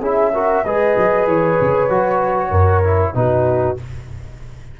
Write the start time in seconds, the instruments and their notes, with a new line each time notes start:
0.00 tuba C#4, trombone E4, horn G#4, flute E5
0.33 trombone F#4, horn A#4
0.63 tuba G#3, trombone G#4, horn B4, flute D#5
0.97 tuba F#3
1.26 tuba E3, flute C#5
1.60 tuba C#3
1.89 tuba F#3, trombone F#4
2.50 tuba F#2, horn A#4
2.83 trombone E4
3.14 tuba B2, trombone D#4, horn F#4, flute B4